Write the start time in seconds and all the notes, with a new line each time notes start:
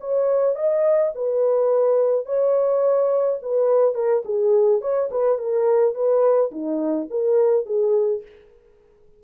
0.00 C#5
0.55 D#5
1.14 B4
2.26 C#5
3.42 B4
3.94 A#4
4.25 G#4
4.81 C#5
5.11 B4
5.38 A#4
5.94 B4
6.51 D#4
7.10 A#4
7.65 G#4